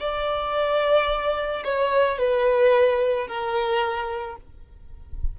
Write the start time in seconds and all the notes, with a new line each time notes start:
0.00 D5
1.64 C#5
2.18 B4
3.27 A#4